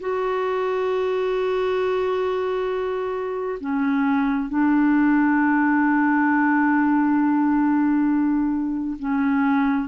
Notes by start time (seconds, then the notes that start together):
0.00 F#4
3.60 C#4
4.49 D4
8.99 C#4